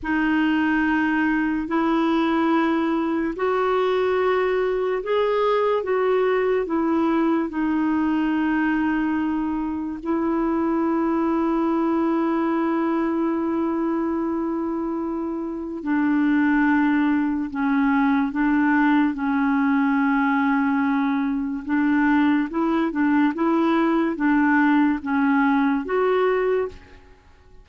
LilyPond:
\new Staff \with { instrumentName = "clarinet" } { \time 4/4 \tempo 4 = 72 dis'2 e'2 | fis'2 gis'4 fis'4 | e'4 dis'2. | e'1~ |
e'2. d'4~ | d'4 cis'4 d'4 cis'4~ | cis'2 d'4 e'8 d'8 | e'4 d'4 cis'4 fis'4 | }